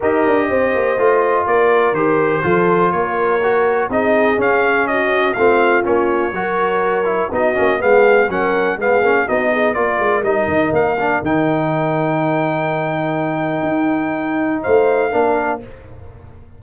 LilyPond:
<<
  \new Staff \with { instrumentName = "trumpet" } { \time 4/4 \tempo 4 = 123 dis''2. d''4 | c''2 cis''2 | dis''4 f''4 dis''4 f''4 | cis''2. dis''4 |
f''4 fis''4 f''4 dis''4 | d''4 dis''4 f''4 g''4~ | g''1~ | g''2 f''2 | }
  \new Staff \with { instrumentName = "horn" } { \time 4/4 ais'4 c''2 ais'4~ | ais'4 a'4 ais'2 | gis'2 fis'4 f'4~ | f'4 ais'2 fis'4 |
gis'4 ais'4 gis'4 fis'8 gis'8 | ais'1~ | ais'1~ | ais'2 c''4 ais'4 | }
  \new Staff \with { instrumentName = "trombone" } { \time 4/4 g'2 f'2 | g'4 f'2 fis'4 | dis'4 cis'2 c'4 | cis'4 fis'4. e'8 dis'8 cis'8 |
b4 cis'4 b8 cis'8 dis'4 | f'4 dis'4. d'8 dis'4~ | dis'1~ | dis'2. d'4 | }
  \new Staff \with { instrumentName = "tuba" } { \time 4/4 dis'8 d'8 c'8 ais8 a4 ais4 | dis4 f4 ais2 | c'4 cis'2 a4 | ais4 fis2 b8 ais8 |
gis4 fis4 gis8 ais8 b4 | ais8 gis8 g8 dis8 ais4 dis4~ | dis1 | dis'2 a4 ais4 | }
>>